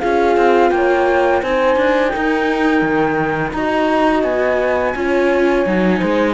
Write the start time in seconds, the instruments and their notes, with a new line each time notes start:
0.00 cello C#4, viola F4, horn G#4, flute F5
0.37 cello C4
0.71 cello A#3, horn C#5, flute G5
1.42 cello C4, viola D#4, horn C5, flute G#5
1.77 cello D4
2.09 horn A#4, flute G5
2.17 cello D#4
2.82 cello D#3
3.52 cello D#4, viola F#4, horn D#5, flute A#5
4.23 cello B3, flute G#5
4.96 cello C#4, viola F4, horn C#5
5.66 cello F#3, viola D#4
5.99 cello G#3, horn C5